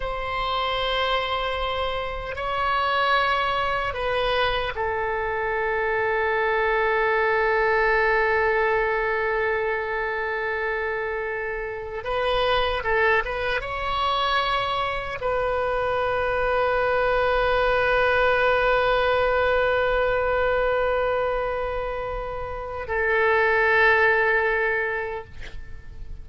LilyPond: \new Staff \with { instrumentName = "oboe" } { \time 4/4 \tempo 4 = 76 c''2. cis''4~ | cis''4 b'4 a'2~ | a'1~ | a'2.~ a'16 b'8.~ |
b'16 a'8 b'8 cis''2 b'8.~ | b'1~ | b'1~ | b'4 a'2. | }